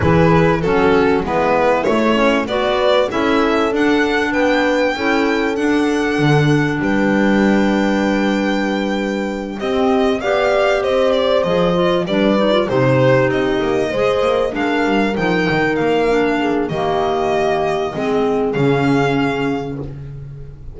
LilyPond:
<<
  \new Staff \with { instrumentName = "violin" } { \time 4/4 \tempo 4 = 97 b'4 a'4 b'4 cis''4 | d''4 e''4 fis''4 g''4~ | g''4 fis''2 g''4~ | g''2.~ g''8 dis''8~ |
dis''8 f''4 dis''8 d''8 dis''4 d''8~ | d''8 c''4 dis''2 f''8~ | f''8 g''4 f''4. dis''4~ | dis''2 f''2 | }
  \new Staff \with { instrumentName = "horn" } { \time 4/4 gis'4 fis'4 e'2 | b'4 a'2 b'4 | a'2. b'4~ | b'2.~ b'8 g'8~ |
g'8 d''4 c''2 b'8~ | b'8 g'2 c''4 ais'8~ | ais'2~ ais'8 gis'8 g'4~ | g'4 gis'2. | }
  \new Staff \with { instrumentName = "clarinet" } { \time 4/4 e'4 cis'4 b4 a8 cis'8 | fis'4 e'4 d'2 | e'4 d'2.~ | d'2.~ d'8 c'8~ |
c'8 g'2 gis'8 f'8 d'8 | dis'16 f'16 dis'2 gis'4 d'8~ | d'8 dis'4. d'4 ais4~ | ais4 c'4 cis'2 | }
  \new Staff \with { instrumentName = "double bass" } { \time 4/4 e4 fis4 gis4 a4 | b4 cis'4 d'4 b4 | cis'4 d'4 d4 g4~ | g2.~ g8 c'8~ |
c'8 b4 c'4 f4 g8~ | g8 c4 c'8 ais8 gis8 ais8 gis8 | g8 f8 dis8 ais4. dis4~ | dis4 gis4 cis2 | }
>>